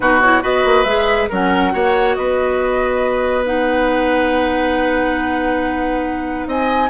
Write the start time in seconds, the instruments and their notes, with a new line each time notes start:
0.00 bassoon B2, clarinet D#4, oboe F#4, flute B4
0.21 clarinet E4, flute C#5
0.41 bassoon B3, clarinet F#4, oboe B4, flute D#5
0.64 bassoon A#3
0.84 bassoon G#3, clarinet G#4, flute E5
1.29 bassoon F#3, clarinet C#4, oboe A#4, flute F#5
1.72 bassoon A#3, clarinet F#4, oboe C#5
2.14 bassoon B3, oboe B4, flute D#5
3.45 clarinet D#4, flute F#5
6.46 bassoon C4, oboe D#5, flute G#5